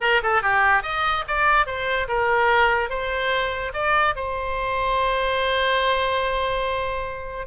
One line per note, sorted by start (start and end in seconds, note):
0.01 0.21 A#4
0.22 0.42 A4
0.42 0.83 G4
0.83 1.24 D#5
1.27 1.66 D5
1.66 2.07 C5
2.08 2.89 A#4
2.89 3.72 C5
3.73 4.14 D5
4.15 7.46 C5